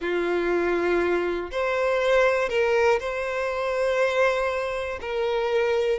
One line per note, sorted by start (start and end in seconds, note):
0.00 1.50 F4
1.50 2.49 C5
2.49 2.99 A#4
2.99 4.99 C5
5.01 5.99 A#4